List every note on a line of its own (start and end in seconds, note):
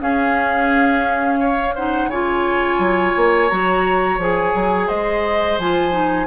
0.00 1.74 C#4
0.00 2.07 C#4
0.00 1.40 G#4
0.00 1.76 F5
1.40 1.75 C#5
1.75 2.12 D#4
1.75 2.10 C5
1.75 2.09 F#5
2.07 2.77 C#3
2.07 3.50 F4
2.07 4.87 C#5
2.07 3.49 G#5
2.78 3.13 F#3
3.17 3.51 A#3
3.49 4.18 F#3
3.49 4.20 F#4
3.49 4.19 A#5
4.18 4.53 F3
4.18 5.60 G#4
4.18 4.89 G#5
4.55 4.89 F#3
4.87 5.58 G#3
4.87 6.27 C5
4.87 5.58 D#5
5.58 6.27 F3
5.58 5.91 F4
5.58 6.27 G#5
5.91 6.26 D#4